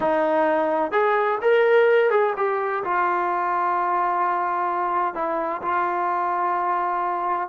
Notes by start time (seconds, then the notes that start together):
0.00 D#4
0.91 G#4
1.41 A#4
2.10 G#4
2.37 G4
2.84 F4
5.14 E4
5.62 F4